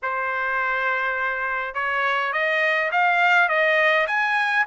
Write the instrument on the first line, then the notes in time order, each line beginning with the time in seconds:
trumpet
0.02 C5
1.74 C#5
2.32 D#5
2.91 F5
3.48 D#5
4.07 G#5